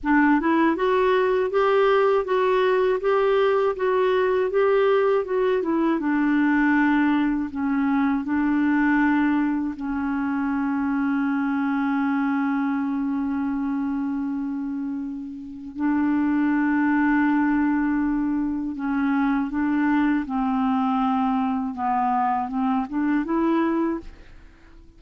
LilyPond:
\new Staff \with { instrumentName = "clarinet" } { \time 4/4 \tempo 4 = 80 d'8 e'8 fis'4 g'4 fis'4 | g'4 fis'4 g'4 fis'8 e'8 | d'2 cis'4 d'4~ | d'4 cis'2.~ |
cis'1~ | cis'4 d'2.~ | d'4 cis'4 d'4 c'4~ | c'4 b4 c'8 d'8 e'4 | }